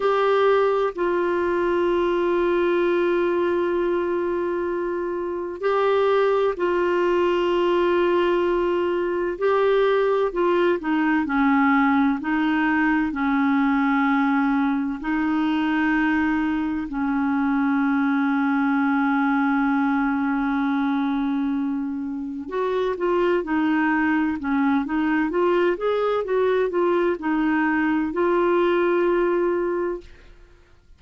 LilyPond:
\new Staff \with { instrumentName = "clarinet" } { \time 4/4 \tempo 4 = 64 g'4 f'2.~ | f'2 g'4 f'4~ | f'2 g'4 f'8 dis'8 | cis'4 dis'4 cis'2 |
dis'2 cis'2~ | cis'1 | fis'8 f'8 dis'4 cis'8 dis'8 f'8 gis'8 | fis'8 f'8 dis'4 f'2 | }